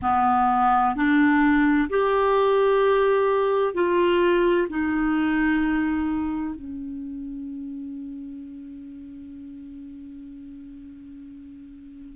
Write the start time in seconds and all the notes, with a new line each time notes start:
0.02 B3
0.95 D4
1.89 G4
3.73 F4
4.69 D#4
6.55 C#4